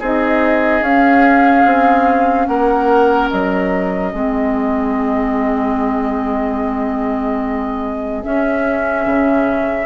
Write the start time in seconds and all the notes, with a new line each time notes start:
0.00 C4 D#4 G#4 D#5
0.82 C#4 F5
1.65 C4
2.47 A#3 A#4 F#5
3.31 F#3 D#5
4.12 G#3 C4 G#4
8.23 C#4 E5
9.06 C#3